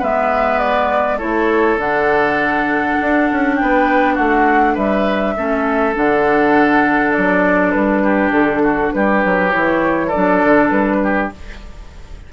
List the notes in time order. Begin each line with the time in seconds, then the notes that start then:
0.00 G#3 B3 B4 E5
0.59 D5
1.18 A3 E4 A4 C#5
1.77 D3 D4 F#5
3.01 D4
3.32 C#4
3.56 B3 B4 G5
4.15 A3 F#4 F#5
4.75 G3 B4 E5
5.37 A3 C#4 A4
5.94 D3 D4 F#5
7.13 F#3 D5
7.71 G3 B4
8.03 G4
8.31 D3 A4
8.63 F#4
8.93 G3 G4 B4
9.25 F#3
9.51 E3 E4 C#5
10.07 A4 D5
10.14 F#3 D4
10.44 D3
10.70 G3 B4
11.03 G4